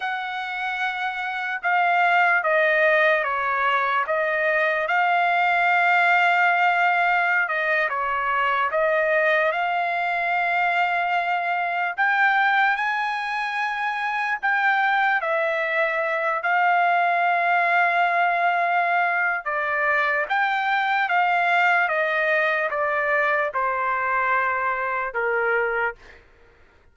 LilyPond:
\new Staff \with { instrumentName = "trumpet" } { \time 4/4 \tempo 4 = 74 fis''2 f''4 dis''4 | cis''4 dis''4 f''2~ | f''4~ f''16 dis''8 cis''4 dis''4 f''16~ | f''2~ f''8. g''4 gis''16~ |
gis''4.~ gis''16 g''4 e''4~ e''16~ | e''16 f''2.~ f''8. | d''4 g''4 f''4 dis''4 | d''4 c''2 ais'4 | }